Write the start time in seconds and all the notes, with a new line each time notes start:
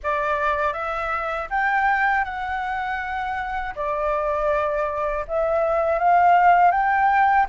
0.03 D5
0.73 E5
1.50 G5
2.24 F#5
3.75 D5
5.27 E5
5.98 F5
6.71 G5